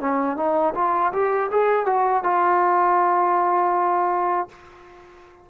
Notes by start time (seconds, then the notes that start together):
0.00 C#4
0.36 D#4
0.74 F4
1.12 G4
1.51 G#4
1.85 F#4
2.23 F4